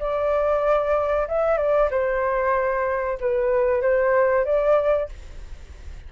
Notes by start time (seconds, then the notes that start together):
0.00 D5
1.28 E5
1.58 D5
1.91 C5
3.21 B4
3.82 C5
4.45 D5